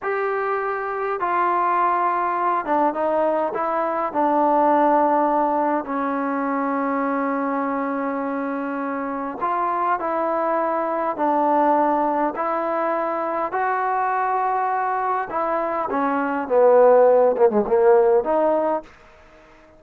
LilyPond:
\new Staff \with { instrumentName = "trombone" } { \time 4/4 \tempo 4 = 102 g'2 f'2~ | f'8 d'8 dis'4 e'4 d'4~ | d'2 cis'2~ | cis'1 |
f'4 e'2 d'4~ | d'4 e'2 fis'4~ | fis'2 e'4 cis'4 | b4. ais16 gis16 ais4 dis'4 | }